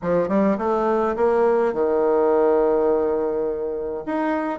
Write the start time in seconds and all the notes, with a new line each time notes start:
0.02 F3
0.28 G3
0.58 A3
1.16 A#3
1.73 D#3
4.06 D#4